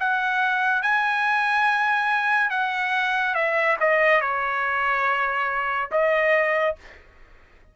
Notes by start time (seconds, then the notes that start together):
0.00 F#5
0.82 G#5
2.50 F#5
3.35 E5
3.80 D#5
4.21 C#5
5.92 D#5